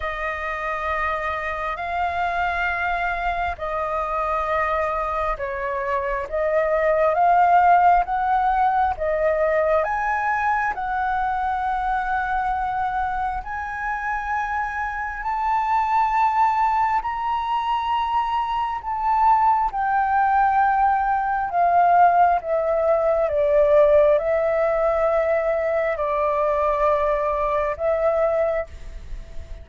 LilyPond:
\new Staff \with { instrumentName = "flute" } { \time 4/4 \tempo 4 = 67 dis''2 f''2 | dis''2 cis''4 dis''4 | f''4 fis''4 dis''4 gis''4 | fis''2. gis''4~ |
gis''4 a''2 ais''4~ | ais''4 a''4 g''2 | f''4 e''4 d''4 e''4~ | e''4 d''2 e''4 | }